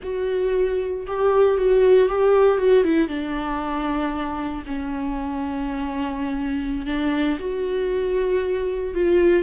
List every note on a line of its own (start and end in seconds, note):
0.02 1.06 F#4
1.06 1.57 G4
1.57 2.08 F#4
2.08 2.57 G4
2.57 2.83 F#4
2.84 3.08 E4
3.08 4.63 D4
4.66 6.86 C#4
6.86 7.38 D4
7.39 8.94 F#4
8.94 9.43 F4